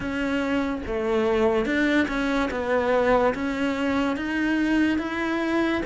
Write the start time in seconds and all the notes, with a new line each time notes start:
0.00 C#4
0.86 A3
1.65 D4
2.08 C#4
2.50 B3
3.34 C#4
4.16 D#4
4.98 E4